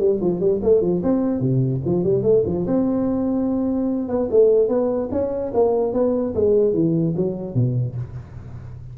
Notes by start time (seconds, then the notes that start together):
0.00 G3
0.21 F3
0.40 G3
0.63 A3
0.82 F3
1.04 C4
1.40 C3
1.85 F3
2.04 G3
2.23 A3
2.46 F3
2.67 C4
4.09 B3
4.31 A3
4.69 B3
5.12 C#4
5.54 A#3
5.94 B3
6.35 G#3
6.74 E3
7.17 F#3
7.55 B2